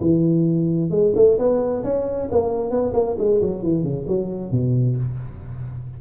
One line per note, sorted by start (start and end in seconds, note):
0.00 0.90 E3
0.90 1.13 G#3
1.15 1.38 A3
1.38 1.83 B3
1.83 2.28 C#4
2.31 2.70 A#3
2.70 2.93 B3
2.93 3.16 A#3
3.18 3.41 G#3
3.41 3.62 F#3
3.62 3.83 E3
3.83 4.05 C#3
4.07 4.51 F#3
4.51 4.96 B2